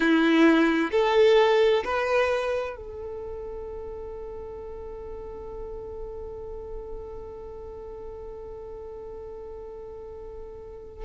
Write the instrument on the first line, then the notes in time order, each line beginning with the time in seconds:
violin
0.00 E4
0.91 A4
1.84 B4
2.76 A4